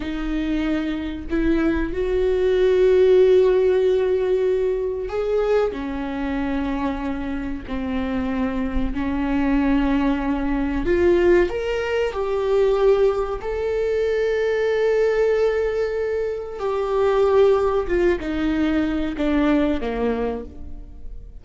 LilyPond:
\new Staff \with { instrumentName = "viola" } { \time 4/4 \tempo 4 = 94 dis'2 e'4 fis'4~ | fis'1 | gis'4 cis'2. | c'2 cis'2~ |
cis'4 f'4 ais'4 g'4~ | g'4 a'2.~ | a'2 g'2 | f'8 dis'4. d'4 ais4 | }